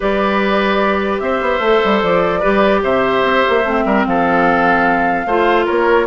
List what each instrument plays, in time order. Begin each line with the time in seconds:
0.00 bassoon G3, clarinet G4, oboe B4, flute D5
1.19 bassoon C4, oboe C5, flute E5
1.41 bassoon B3
1.59 bassoon A3, clarinet A4
1.84 bassoon G3
2.02 bassoon F3, flute D5
2.39 bassoon G3, clarinet G4, oboe B4
2.83 bassoon C3, oboe C5, flute E5
3.23 bassoon C4
3.49 bassoon A#3
3.63 bassoon A3, clarinet C4
3.85 bassoon G3, oboe A#4
4.06 bassoon F3, oboe A4, flute F5
5.25 bassoon A3, clarinet F4, oboe C5
5.65 bassoon A#3, oboe A#4, flute C#5